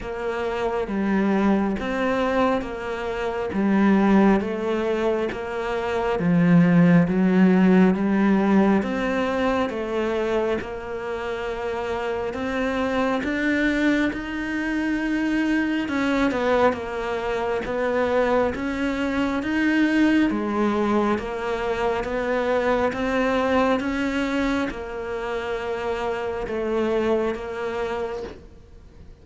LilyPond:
\new Staff \with { instrumentName = "cello" } { \time 4/4 \tempo 4 = 68 ais4 g4 c'4 ais4 | g4 a4 ais4 f4 | fis4 g4 c'4 a4 | ais2 c'4 d'4 |
dis'2 cis'8 b8 ais4 | b4 cis'4 dis'4 gis4 | ais4 b4 c'4 cis'4 | ais2 a4 ais4 | }